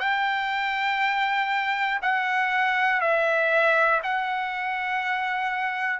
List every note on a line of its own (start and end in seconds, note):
0.00 2.00 G5
2.02 3.01 F#5
3.01 4.01 E5
4.03 6.00 F#5